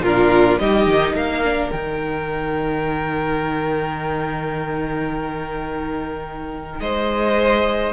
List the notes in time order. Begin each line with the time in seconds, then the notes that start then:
0.00 A#2 F4 A#4
0.07 D4
0.59 G3 D#4 G4 D#5
0.86 D#3
1.13 A#3 A#4 F5
1.44 D4
1.71 D#3 D#4 G5
6.80 G#3 C5 D#5